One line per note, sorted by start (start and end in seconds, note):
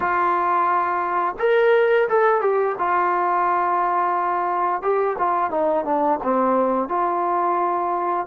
0.00 1.35 F4
1.39 2.08 A#4
2.08 2.41 A4
2.41 2.75 G4
2.78 4.82 F4
4.82 5.16 G4
5.18 5.50 F4
5.50 5.84 D#4
5.84 6.19 D4
6.23 6.88 C4
6.88 8.26 F4